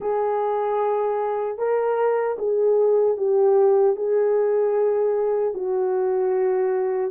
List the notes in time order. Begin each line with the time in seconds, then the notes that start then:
0.00 G#4
1.58 A#4
2.38 G#4
3.17 G4
3.96 G#4
5.53 F#4